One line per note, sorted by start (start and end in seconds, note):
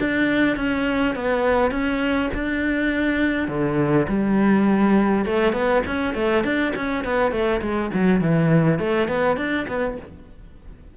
0.00 0.56 D4
0.56 1.15 C#4
1.15 1.71 B3
1.71 2.30 C#4
2.34 3.48 D4
3.48 4.07 D3
4.08 5.26 G3
5.26 5.53 A3
5.53 5.82 B3
5.86 6.14 C#4
6.14 6.44 A3
6.44 6.73 D4
6.76 7.04 C#4
7.04 7.32 B3
7.32 7.61 A3
7.61 7.91 G#3
7.94 8.21 F#3
8.21 8.79 E3
8.79 9.08 A3
9.08 9.37 B3
9.37 9.66 D4
9.68 9.97 B3